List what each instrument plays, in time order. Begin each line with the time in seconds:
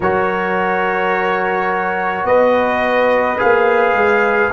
0.00 tuba F#3, trombone F#4, horn A#4, trumpet C#5
2.24 tuba B3, horn B4, trumpet D#5
3.38 tuba A#3, trombone G#4, trumpet F5
3.92 tuba G#3